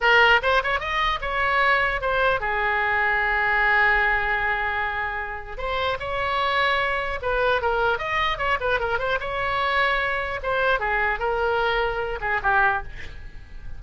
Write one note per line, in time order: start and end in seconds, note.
0.01 0.41 A#4
0.42 0.62 C5
0.63 0.79 C#5
0.79 1.19 D#5
1.21 2.01 C#5
2.01 2.40 C5
2.40 5.57 G#4
5.57 5.97 C5
5.99 7.19 C#5
7.22 7.61 B4
7.61 7.98 A#4
7.98 8.37 D#5
8.37 8.57 C#5
8.60 8.79 B4
8.79 8.98 A#4
8.98 9.18 C5
9.20 10.40 C#5
10.43 10.79 C5
10.79 11.19 G#4
11.19 12.19 A#4
12.21 12.41 G#4
12.42 12.82 G4